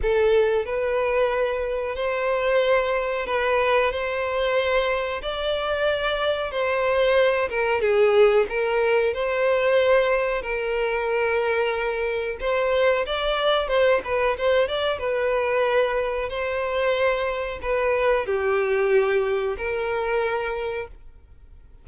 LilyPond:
\new Staff \with { instrumentName = "violin" } { \time 4/4 \tempo 4 = 92 a'4 b'2 c''4~ | c''4 b'4 c''2 | d''2 c''4. ais'8 | gis'4 ais'4 c''2 |
ais'2. c''4 | d''4 c''8 b'8 c''8 d''8 b'4~ | b'4 c''2 b'4 | g'2 ais'2 | }